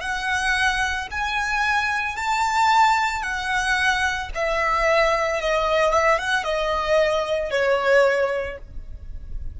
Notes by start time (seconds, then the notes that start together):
0.00 F#5
1.11 G#5
2.16 A5
3.22 F#5
4.34 E5
5.40 D#5
5.93 E5
6.18 F#5
6.43 D#5
7.50 C#5